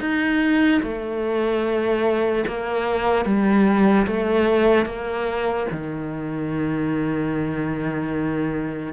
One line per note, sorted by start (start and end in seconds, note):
0.00 0.81 D#4
0.82 2.44 A3
2.47 3.25 A#3
3.25 4.06 G3
4.07 4.85 A3
4.85 5.66 A#3
5.71 8.93 D#3